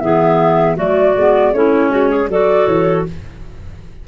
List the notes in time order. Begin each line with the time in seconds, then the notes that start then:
0.00 E3 B3 G#4 E5
0.76 F#3 A3 F#4 D5
1.16 G#3 B3
1.53 A3 C#4 E4 C#5
1.90 G#3 F#4
2.10 G#4
2.28 F#3 F#4 A4 D5
2.67 E3 C#5